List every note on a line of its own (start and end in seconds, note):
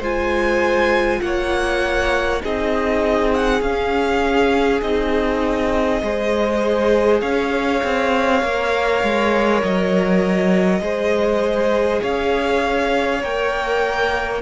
0.00 1.21 G#3
0.00 2.41 F4
0.00 1.20 C5
0.00 1.22 G#5
1.22 2.42 A#3
1.22 2.43 C#5
1.22 2.42 F#5
2.41 3.61 C4
2.41 3.61 D#4
2.41 6.03 G#4
2.41 3.35 D#5
3.35 3.62 F#5
3.61 4.81 C#4
3.61 4.82 C#4
3.61 4.82 F5
4.82 6.02 C4
4.82 6.02 D#4
4.82 7.21 D#5
6.02 7.23 G#3
6.02 8.42 G#4
6.02 7.21 C5
7.21 7.83 C#4
7.21 10.81 C#5
7.21 9.61 F5
7.84 8.43 C4
8.42 9.03 A#3
8.42 10.81 A#4
9.03 9.63 G#3
9.63 10.81 F#3
9.63 12.03 D#5
10.81 12.01 G#3
10.81 13.21 G#4
10.81 12.03 C5
12.03 13.23 C#4
12.03 14.42 C#5
12.03 13.23 F5
13.22 14.42 A#3
13.22 14.42 A#4
13.22 14.42 G5